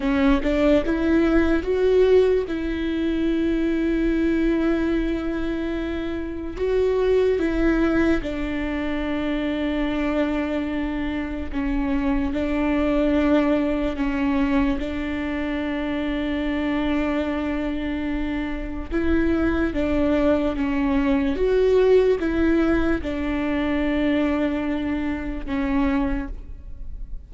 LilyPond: \new Staff \with { instrumentName = "viola" } { \time 4/4 \tempo 4 = 73 cis'8 d'8 e'4 fis'4 e'4~ | e'1 | fis'4 e'4 d'2~ | d'2 cis'4 d'4~ |
d'4 cis'4 d'2~ | d'2. e'4 | d'4 cis'4 fis'4 e'4 | d'2. cis'4 | }